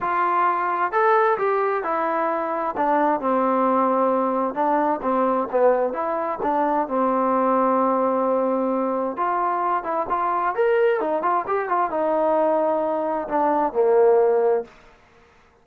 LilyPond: \new Staff \with { instrumentName = "trombone" } { \time 4/4 \tempo 4 = 131 f'2 a'4 g'4 | e'2 d'4 c'4~ | c'2 d'4 c'4 | b4 e'4 d'4 c'4~ |
c'1 | f'4. e'8 f'4 ais'4 | dis'8 f'8 g'8 f'8 dis'2~ | dis'4 d'4 ais2 | }